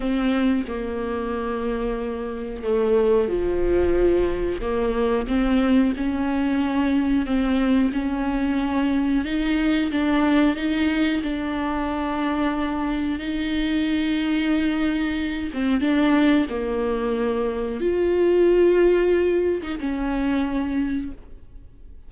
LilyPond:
\new Staff \with { instrumentName = "viola" } { \time 4/4 \tempo 4 = 91 c'4 ais2. | a4 f2 ais4 | c'4 cis'2 c'4 | cis'2 dis'4 d'4 |
dis'4 d'2. | dis'2.~ dis'8 c'8 | d'4 ais2 f'4~ | f'4.~ f'16 dis'16 cis'2 | }